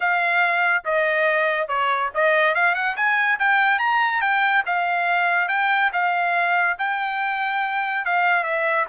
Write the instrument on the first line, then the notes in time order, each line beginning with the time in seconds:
trumpet
0.00 F5
0.85 D#5
1.67 C#5
2.14 D#5
2.55 F5
2.74 F#5
2.96 G#5
3.39 G5
3.78 A#5
4.21 G5
4.66 F5
5.48 G5
5.93 F5
6.78 G5
8.05 F5
8.43 E5